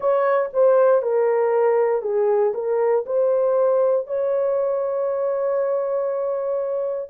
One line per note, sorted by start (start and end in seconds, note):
0.00 0.49 C#5
0.53 1.02 C5
1.02 2.02 A#4
2.02 2.52 G#4
2.54 3.05 A#4
3.06 4.06 C5
4.06 7.09 C#5